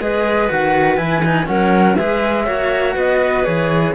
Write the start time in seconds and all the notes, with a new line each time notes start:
0.00 G#3 G#4 B4 D#5
0.49 D#3 F#4 F#5
0.97 E3 E4 G#5
1.25 D#4
1.45 F#3 C#4 A#4 F#5
1.96 G#3 G#4 B4 E5
2.45 A#3 F#4 C#5
2.94 B3 B4 D#5
3.44 E3 G#4 C#5